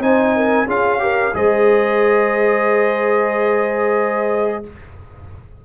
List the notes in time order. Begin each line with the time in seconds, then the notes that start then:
0.00 C4 D#4 C5 G#5
0.36 A#4
0.67 C#4 F4 G#4 F5
0.99 G4 A#4
1.34 G#3 G#4 C5 D#5